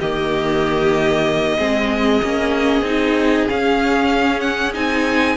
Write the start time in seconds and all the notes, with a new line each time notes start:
0.00 D#3 A#3 G4 D#5
1.59 G#3 C4 G#4
2.23 A#3 C#4
2.82 C4 D#4
3.49 C#4 F5
4.41 F#5
4.74 C4 D#4 G#5